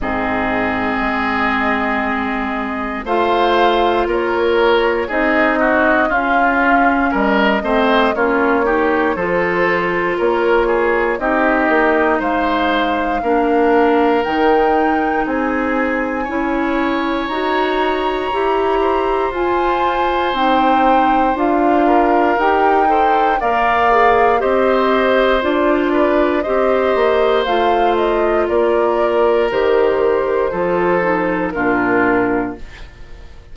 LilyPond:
<<
  \new Staff \with { instrumentName = "flute" } { \time 4/4 \tempo 4 = 59 dis''2. f''4 | cis''4 dis''4 f''4 dis''4 | cis''4 c''4 cis''4 dis''4 | f''2 g''4 gis''4~ |
gis''4 ais''2 gis''4 | g''4 f''4 g''4 f''4 | dis''4 d''4 dis''4 f''8 dis''8 | d''4 c''2 ais'4 | }
  \new Staff \with { instrumentName = "oboe" } { \time 4/4 gis'2. c''4 | ais'4 gis'8 fis'8 f'4 ais'8 c''8 | f'8 g'8 a'4 ais'8 gis'8 g'4 | c''4 ais'2 gis'4 |
cis''2~ cis''8 c''4.~ | c''4. ais'4 c''8 d''4 | c''4. b'8 c''2 | ais'2 a'4 f'4 | }
  \new Staff \with { instrumentName = "clarinet" } { \time 4/4 c'2. f'4~ | f'4 dis'4 cis'4. c'8 | cis'8 dis'8 f'2 dis'4~ | dis'4 d'4 dis'2 |
e'4 fis'4 g'4 f'4 | dis'4 f'4 g'8 a'8 ais'8 gis'8 | g'4 f'4 g'4 f'4~ | f'4 g'4 f'8 dis'8 d'4 | }
  \new Staff \with { instrumentName = "bassoon" } { \time 4/4 gis,4 gis2 a4 | ais4 c'4 cis'4 g8 a8 | ais4 f4 ais4 c'8 ais8 | gis4 ais4 dis4 c'4 |
cis'4 dis'4 e'4 f'4 | c'4 d'4 dis'4 ais4 | c'4 d'4 c'8 ais8 a4 | ais4 dis4 f4 ais,4 | }
>>